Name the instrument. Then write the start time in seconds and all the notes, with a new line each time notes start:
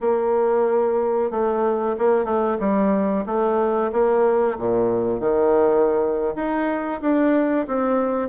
bassoon
0.00 A#3
1.30 A3
1.98 A#3
2.24 A3
2.59 G3
3.26 A3
3.92 A#3
4.58 A#2
5.20 D#3
6.35 D#4
7.01 D4
7.67 C4